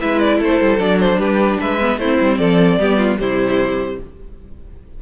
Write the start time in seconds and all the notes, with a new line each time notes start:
0.00 G#3 E4 B4 E5
0.19 D5
0.38 A3 A4 C5
0.61 G3
0.78 F#3 D4 D5
1.00 C5
1.17 G3 G4 B4
1.60 G#3 B4 E5
1.80 B3
1.98 A3 C4 E4 C5
2.21 G3
2.38 F3 A4 D5
2.78 G3 B3 G4
2.98 F4
3.18 C3 G3 E4 C5